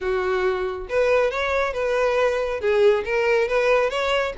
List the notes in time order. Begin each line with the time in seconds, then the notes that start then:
0.00 F#4
0.89 B4
1.30 C#5
1.73 B4
2.60 G#4
3.04 A#4
3.48 B4
3.89 C#5